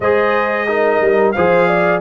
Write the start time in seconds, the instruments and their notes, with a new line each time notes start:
0.00 tuba G#3, trombone G#4, horn C5, trumpet D#5
0.67 trombone D#4, horn A#4
1.00 tuba G3
1.32 tuba F3, trombone G#4, horn C5, trumpet F5
1.67 horn D5